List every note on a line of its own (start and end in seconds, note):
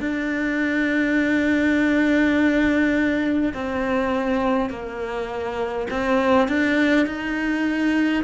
0.00 3.53 D4
3.53 4.70 C4
4.70 5.87 A#3
5.90 6.48 C4
6.48 7.06 D4
7.06 8.24 D#4